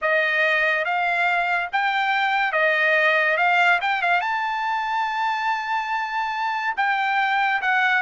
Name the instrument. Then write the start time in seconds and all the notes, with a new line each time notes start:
trumpet
0.01 D#5
0.85 F5
1.72 G5
2.52 D#5
3.36 F5
3.81 G5
4.01 F5
4.21 A5
6.76 G5
7.61 F#5